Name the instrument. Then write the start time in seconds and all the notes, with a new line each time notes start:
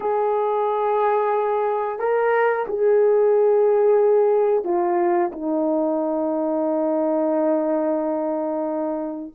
horn
0.00 G#4
1.98 A#4
2.67 G#4
4.64 F4
5.32 D#4